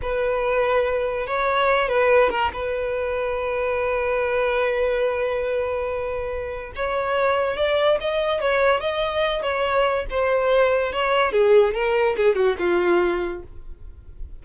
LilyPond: \new Staff \with { instrumentName = "violin" } { \time 4/4 \tempo 4 = 143 b'2. cis''4~ | cis''8 b'4 ais'8 b'2~ | b'1~ | b'1 |
cis''2 d''4 dis''4 | cis''4 dis''4. cis''4. | c''2 cis''4 gis'4 | ais'4 gis'8 fis'8 f'2 | }